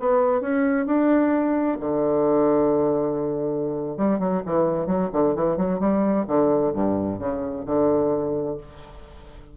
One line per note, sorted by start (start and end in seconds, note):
0.00 0.41 B3
0.41 0.86 C#4
0.86 1.78 D4
1.80 3.97 D3
3.97 4.20 G3
4.20 4.42 F#3
4.46 4.87 E3
4.87 5.10 F#3
5.13 5.36 D3
5.36 5.57 E3
5.57 5.80 F#3
5.80 6.26 G3
6.28 6.73 D3
6.73 7.19 G2
7.19 7.65 C#3
7.66 8.58 D3